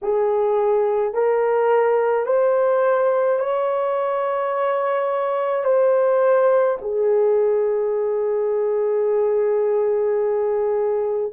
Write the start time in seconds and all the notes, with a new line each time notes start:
0.02 G#4
1.13 A#4
2.26 C5
3.39 C#5
5.64 C5
6.81 G#4